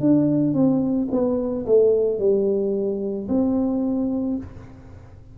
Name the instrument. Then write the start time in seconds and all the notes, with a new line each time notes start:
tuba
0.00 D4
0.54 C4
1.11 B3
1.66 A3
2.19 G3
3.28 C4